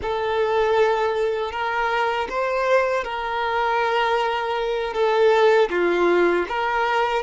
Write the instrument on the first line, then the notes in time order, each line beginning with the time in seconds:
violin
0.02 A4
1.51 A#4
2.29 C5
3.04 A#4
4.93 A4
5.70 F4
6.48 A#4